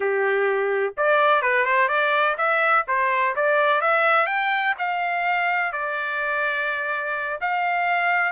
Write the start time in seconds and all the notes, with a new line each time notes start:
0.00 G4
0.97 D5
1.42 B4
1.65 C5
1.88 D5
2.37 E5
2.87 C5
3.35 D5
3.81 E5
4.26 G5
4.78 F5
5.72 D5
7.40 F5